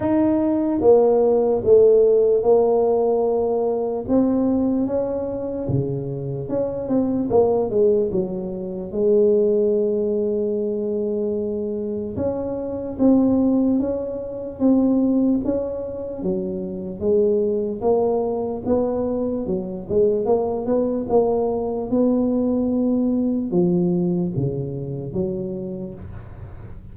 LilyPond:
\new Staff \with { instrumentName = "tuba" } { \time 4/4 \tempo 4 = 74 dis'4 ais4 a4 ais4~ | ais4 c'4 cis'4 cis4 | cis'8 c'8 ais8 gis8 fis4 gis4~ | gis2. cis'4 |
c'4 cis'4 c'4 cis'4 | fis4 gis4 ais4 b4 | fis8 gis8 ais8 b8 ais4 b4~ | b4 f4 cis4 fis4 | }